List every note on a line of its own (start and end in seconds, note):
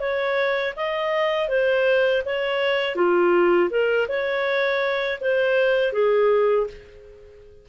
0.00 0.74 C#5
0.76 1.49 D#5
1.49 2.23 C5
2.26 2.96 C#5
2.96 3.70 F4
3.70 4.07 A#4
4.08 5.20 C#5
5.21 5.93 C5
5.93 6.67 G#4